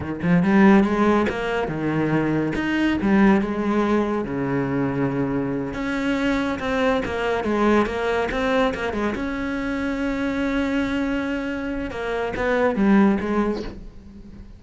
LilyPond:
\new Staff \with { instrumentName = "cello" } { \time 4/4 \tempo 4 = 141 dis8 f8 g4 gis4 ais4 | dis2 dis'4 g4 | gis2 cis2~ | cis4. cis'2 c'8~ |
c'8 ais4 gis4 ais4 c'8~ | c'8 ais8 gis8 cis'2~ cis'8~ | cis'1 | ais4 b4 g4 gis4 | }